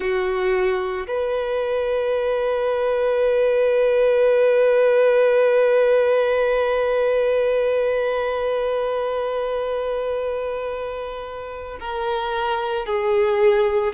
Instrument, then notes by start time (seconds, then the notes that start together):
violin
0.00 F#4
1.07 B4
11.80 A#4
12.86 G#4